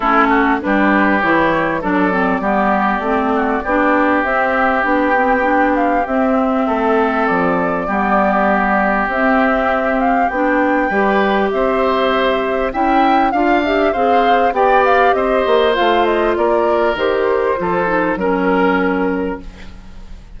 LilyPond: <<
  \new Staff \with { instrumentName = "flute" } { \time 4/4 \tempo 4 = 99 a'4 b'4 cis''4 d''4~ | d''2. e''4 | g''4. f''8 e''2 | d''2. e''4~ |
e''8 f''8 g''2 e''4~ | e''4 g''4 f''8 e''8 f''4 | g''8 f''8 dis''4 f''8 dis''8 d''4 | c''2 ais'2 | }
  \new Staff \with { instrumentName = "oboe" } { \time 4/4 e'8 fis'8 g'2 a'4 | g'4. fis'8 g'2~ | g'2. a'4~ | a'4 g'2.~ |
g'2 b'4 c''4~ | c''4 e''4 f''4 c''4 | d''4 c''2 ais'4~ | ais'4 a'4 ais'2 | }
  \new Staff \with { instrumentName = "clarinet" } { \time 4/4 cis'4 d'4 e'4 d'8 c'8 | b4 c'4 d'4 c'4 | d'8 c'8 d'4 c'2~ | c'4 b2 c'4~ |
c'4 d'4 g'2~ | g'4 e'4 f'8 g'8 gis'4 | g'2 f'2 | g'4 f'8 dis'8 cis'2 | }
  \new Staff \with { instrumentName = "bassoon" } { \time 4/4 a4 g4 e4 fis4 | g4 a4 b4 c'4 | b2 c'4 a4 | f4 g2 c'4~ |
c'4 b4 g4 c'4~ | c'4 cis'4 d'4 c'4 | b4 c'8 ais8 a4 ais4 | dis4 f4 fis2 | }
>>